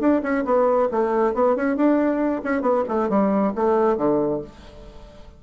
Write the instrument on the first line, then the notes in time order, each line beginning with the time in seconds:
bassoon
0.00 D4
0.23 C#4
0.45 B3
0.91 A3
1.35 B3
1.56 C#4
1.77 D4
2.44 C#4
2.62 B3
2.88 A3
3.10 G3
3.55 A3
3.98 D3